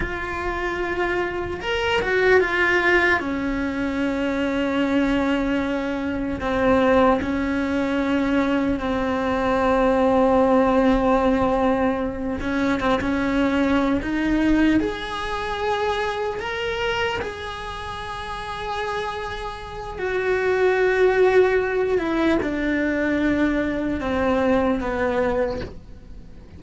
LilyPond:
\new Staff \with { instrumentName = "cello" } { \time 4/4 \tempo 4 = 75 f'2 ais'8 fis'8 f'4 | cis'1 | c'4 cis'2 c'4~ | c'2.~ c'8 cis'8 |
c'16 cis'4~ cis'16 dis'4 gis'4.~ | gis'8 ais'4 gis'2~ gis'8~ | gis'4 fis'2~ fis'8 e'8 | d'2 c'4 b4 | }